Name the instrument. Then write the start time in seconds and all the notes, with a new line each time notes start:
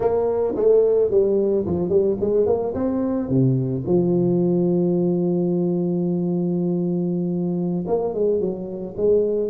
tuba
0.00 A#3
0.55 A3
1.10 G3
1.65 F3
1.89 G3
2.20 G#3
2.46 A#3
2.74 C4
3.29 C3
3.86 F3
7.87 A#3
8.13 G#3
8.40 F#3
8.96 G#3